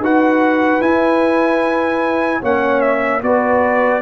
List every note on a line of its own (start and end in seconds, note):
0.00 0.80 D#4
0.00 0.82 F#4
0.00 2.41 B4
0.00 0.82 F#5
0.81 2.41 E4
0.81 2.42 E4
0.81 2.42 G#5
2.41 3.23 A#3
2.41 3.22 C#4
2.41 3.21 C#5
2.41 2.81 F#5
2.81 3.21 E5
3.23 4.02 B3
3.23 4.02 F#4
3.23 4.02 B4
3.23 4.02 D5